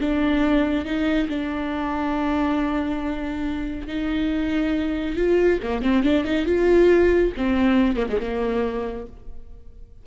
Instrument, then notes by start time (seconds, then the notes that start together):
viola
0.00 D4
0.85 D#4
1.29 D4
3.87 D#4
5.16 F4
5.63 A#3
5.82 C4
6.03 D4
6.24 D#4
6.46 F4
7.37 C4
7.97 A#3
8.09 G#3
8.20 A#3